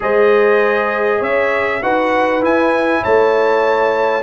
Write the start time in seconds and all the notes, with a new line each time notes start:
0.00 G#3 G#4 C5 D#5
1.19 C#4 C#5 E5
1.82 D#4 F#4 B4 F#5
2.41 E4 G#5
3.02 A3 C#5 A5